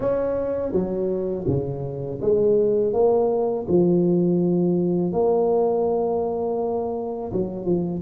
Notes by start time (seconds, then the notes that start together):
0.00 C#4
0.72 F#3
1.47 C#3
2.21 G#3
2.93 A#3
3.68 F3
5.12 A#3
7.32 F#3
7.65 F3